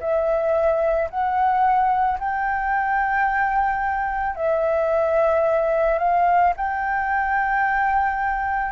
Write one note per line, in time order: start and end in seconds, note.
0.00 1.09 E5
1.10 2.19 F#5
2.20 4.36 G5
4.36 5.99 E5
5.99 6.53 F5
6.57 8.72 G5